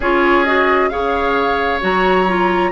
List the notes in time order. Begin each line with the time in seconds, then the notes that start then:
0.00 C#4 F4 G#4 C#5
0.44 F#4 D#5
0.89 C#3 G#4 C#5 F5
1.80 F#3 F#4 A#5
2.27 F4